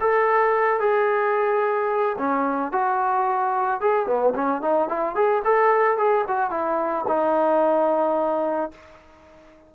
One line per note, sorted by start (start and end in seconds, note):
0.00 0.80 A4
0.80 2.16 G#4
2.17 2.72 C#4
2.72 3.80 F#4
3.80 4.06 G#4
4.06 4.33 B3
4.34 4.61 C#4
4.61 4.88 D#4
4.88 5.15 E4
5.15 5.42 G#4
5.44 5.97 A4
5.97 6.24 G#4
6.27 6.50 F#4
6.50 7.05 E4
7.07 8.71 D#4